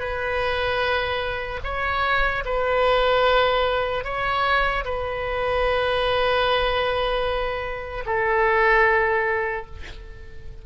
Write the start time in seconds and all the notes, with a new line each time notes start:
0.00 B4
1.64 C#5
2.45 B4
4.04 C#5
4.85 B4
8.06 A4